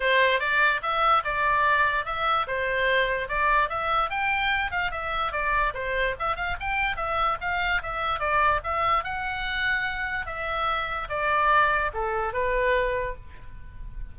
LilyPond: \new Staff \with { instrumentName = "oboe" } { \time 4/4 \tempo 4 = 146 c''4 d''4 e''4 d''4~ | d''4 e''4 c''2 | d''4 e''4 g''4. f''8 | e''4 d''4 c''4 e''8 f''8 |
g''4 e''4 f''4 e''4 | d''4 e''4 fis''2~ | fis''4 e''2 d''4~ | d''4 a'4 b'2 | }